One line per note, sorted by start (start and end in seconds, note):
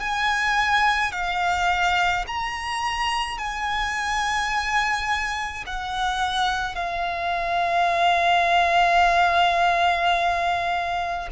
0.00 1.13 G#5
1.13 2.26 F5
2.27 3.38 A#5
3.38 5.64 G#5
5.67 6.76 F#5
6.76 11.28 F5